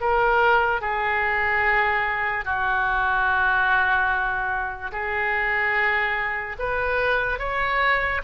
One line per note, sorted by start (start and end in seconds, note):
0.00 0.81 A#4
0.81 2.44 G#4
2.44 4.91 F#4
4.92 6.56 G#4
6.59 7.39 B4
7.39 8.21 C#5